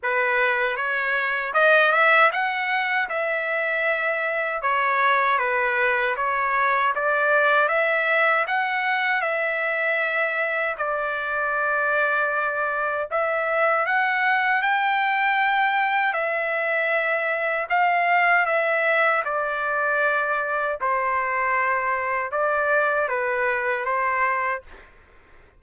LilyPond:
\new Staff \with { instrumentName = "trumpet" } { \time 4/4 \tempo 4 = 78 b'4 cis''4 dis''8 e''8 fis''4 | e''2 cis''4 b'4 | cis''4 d''4 e''4 fis''4 | e''2 d''2~ |
d''4 e''4 fis''4 g''4~ | g''4 e''2 f''4 | e''4 d''2 c''4~ | c''4 d''4 b'4 c''4 | }